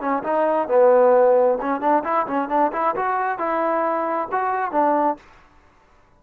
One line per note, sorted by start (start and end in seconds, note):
0.00 0.23 C#4
0.23 0.68 D#4
0.68 1.58 B3
1.61 1.80 C#4
1.80 2.03 D4
2.04 2.26 E4
2.27 2.49 C#4
2.49 2.71 D4
2.72 2.95 E4
2.95 3.38 F#4
3.38 4.28 E4
4.31 4.71 F#4
4.71 5.17 D4